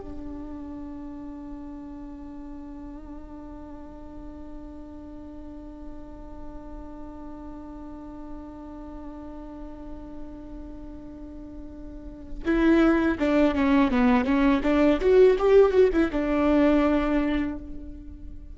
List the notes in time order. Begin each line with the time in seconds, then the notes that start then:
0.00 D4
12.45 E4
13.19 D4
13.54 C#4
13.91 B3
14.24 C#4
14.63 D4
15.00 F#4
15.39 G4
15.72 F#4
15.92 E4
16.12 D4